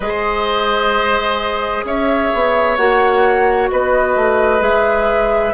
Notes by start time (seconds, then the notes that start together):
0.00 G#3 G#4 C5 D#5
1.84 C#4 C#5 E5
2.33 B3
2.76 A#3 F#4 F#5
3.70 B3 B4 D#5
4.15 A3
4.59 G#3 G#4 E5